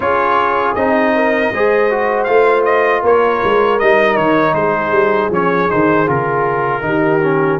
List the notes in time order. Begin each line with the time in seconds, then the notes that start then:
0.00 C#4 F4 G#4 C#5
0.74 C4 D#4 D#5
1.15 A#4
1.52 G#3 G#4 C5
1.90 F#4
2.24 A3 F4 F5
2.64 D#5
3.02 A#3 A#4 C#5
3.44 G#3
3.79 G3 D#4 D#5
4.16 D#3 C#5
4.54 G#3 G#4 C5
4.91 G3
5.30 F3 C#4 C#5
5.69 D#3 D#4 C5
6.06 C#3 F4 A#4
6.81 D#3 D#4 G4
7.22 C#4